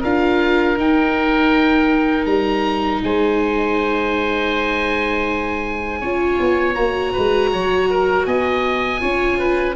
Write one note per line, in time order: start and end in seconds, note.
0.00 0.76 D4
0.00 0.77 F4
0.00 3.00 A#4
0.00 0.78 F5
0.76 2.26 D#4
0.76 6.02 D#4
0.76 2.25 G5
2.25 3.01 G3
2.25 3.00 A#5
3.03 6.02 G#3
3.03 6.00 C5
3.03 6.75 G#5
6.00 6.39 C#4
6.00 6.74 F4
6.00 7.12 C#5
6.40 6.76 B3
6.74 7.14 A#3
6.74 8.99 F#4
6.74 8.25 A#5
7.13 7.53 G#3
7.13 7.50 B4
7.52 8.26 F#3
7.52 7.89 C#5
7.90 8.27 A#4
8.26 9.01 B3
8.26 9.01 D#5
8.26 9.75 G#5
8.99 9.75 C#4
8.99 9.74 F4
8.99 9.38 C#5
9.39 9.75 B4